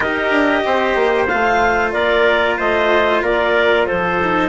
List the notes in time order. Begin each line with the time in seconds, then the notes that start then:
0.00 D#4 G4 A#4 D#5
0.31 D4
0.66 C4 C5
0.95 A#3
1.27 A3 F4 F5
1.92 A#3 A#4 D5
2.57 A3 C5 D#5
3.22 A#3 A#4 D5
3.86 F3 A4 C5
4.22 D#4